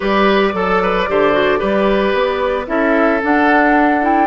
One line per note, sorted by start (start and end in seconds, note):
0.00 0.53 G3
0.00 0.53 G4
0.00 0.54 B4
0.00 2.66 D5
0.53 1.07 F#3
0.53 1.06 A4
0.53 0.82 A4
0.82 1.09 B4
1.08 1.61 D3
1.08 1.32 G4
1.08 1.59 C5
1.32 1.58 F#4
1.58 2.13 G3
1.58 2.65 G4
1.58 2.66 B4
2.13 2.67 B3
2.66 3.21 C#4
2.66 3.20 E4
2.66 4.27 A4
2.66 3.21 E5
3.22 4.01 D4
3.22 4.27 D4
3.22 4.04 F#5
4.01 4.27 E4
4.01 4.27 G5